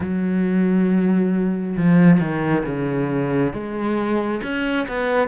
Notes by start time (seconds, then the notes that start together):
0.00 F#3
1.76 F3
2.20 D#3
2.65 C#3
3.53 G#3
4.42 C#4
4.88 B3